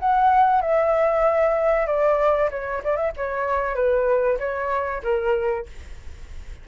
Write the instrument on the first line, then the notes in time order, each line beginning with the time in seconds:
flute
0.00 F#5
0.62 E5
1.87 D5
2.51 C#5
2.84 D5
2.97 E5
3.17 C#5
3.76 B4
4.40 C#5
5.04 A#4